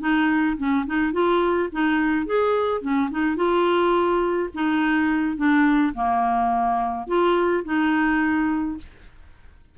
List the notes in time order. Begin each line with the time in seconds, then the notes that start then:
0.00 D#4
0.57 C#4
0.86 D#4
1.13 F4
1.72 D#4
2.26 G#4
2.81 C#4
3.11 D#4
3.36 F4
4.54 D#4
5.37 D4
5.94 A#3
7.07 F4
7.65 D#4